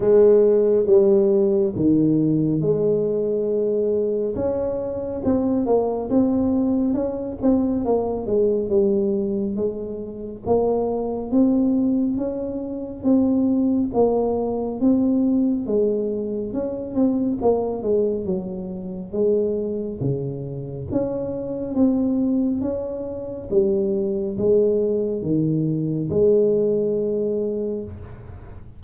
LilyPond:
\new Staff \with { instrumentName = "tuba" } { \time 4/4 \tempo 4 = 69 gis4 g4 dis4 gis4~ | gis4 cis'4 c'8 ais8 c'4 | cis'8 c'8 ais8 gis8 g4 gis4 | ais4 c'4 cis'4 c'4 |
ais4 c'4 gis4 cis'8 c'8 | ais8 gis8 fis4 gis4 cis4 | cis'4 c'4 cis'4 g4 | gis4 dis4 gis2 | }